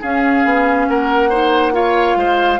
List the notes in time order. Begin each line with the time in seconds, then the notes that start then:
0.00 C#4 G#4 F5
0.44 B3
0.88 A#3 A#4 F#5
1.29 D#4 C5
1.72 F4 C#5 F5
2.15 G#3 C5